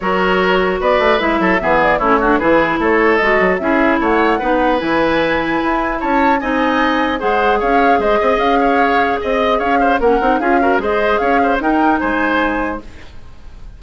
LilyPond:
<<
  \new Staff \with { instrumentName = "flute" } { \time 4/4 \tempo 4 = 150 cis''2 d''4 e''4~ | e''8 d''8 cis''4 b'4 cis''4 | dis''4 e''4 fis''2 | gis''2. a''4 |
gis''2 fis''4 f''4 | dis''4 f''2 dis''4 | f''4 fis''4 f''4 dis''4 | f''4 g''4 gis''2 | }
  \new Staff \with { instrumentName = "oboe" } { \time 4/4 ais'2 b'4. a'8 | gis'4 e'8 fis'8 gis'4 a'4~ | a'4 gis'4 cis''4 b'4~ | b'2. cis''4 |
dis''2 c''4 cis''4 | c''8 dis''4 cis''4. dis''4 | cis''8 c''8 ais'4 gis'8 ais'8 c''4 | cis''8 c''8 ais'4 c''2 | }
  \new Staff \with { instrumentName = "clarinet" } { \time 4/4 fis'2. e'4 | b4 cis'8 d'8 e'2 | fis'4 e'2 dis'4 | e'1 |
dis'2 gis'2~ | gis'1~ | gis'4 cis'8 dis'8 f'8 fis'8 gis'4~ | gis'4 dis'2. | }
  \new Staff \with { instrumentName = "bassoon" } { \time 4/4 fis2 b8 a8 gis8 fis8 | e4 a4 e4 a4 | gis8 fis8 cis'4 a4 b4 | e2 e'4 cis'4 |
c'2 gis4 cis'4 | gis8 c'8 cis'2 c'4 | cis'4 ais8 c'8 cis'4 gis4 | cis'4 dis'4 gis2 | }
>>